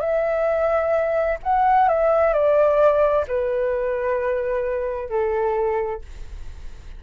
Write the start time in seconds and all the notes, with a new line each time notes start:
0.00 E5
1.43 F#5
1.88 E5
2.33 D5
3.27 B4
5.09 A4